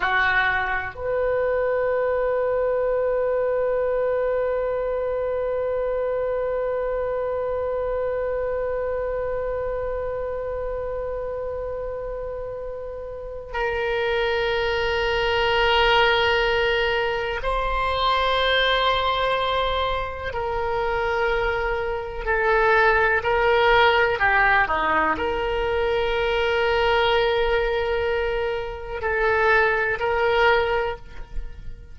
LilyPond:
\new Staff \with { instrumentName = "oboe" } { \time 4/4 \tempo 4 = 62 fis'4 b'2.~ | b'1~ | b'1~ | b'2 ais'2~ |
ais'2 c''2~ | c''4 ais'2 a'4 | ais'4 g'8 dis'8 ais'2~ | ais'2 a'4 ais'4 | }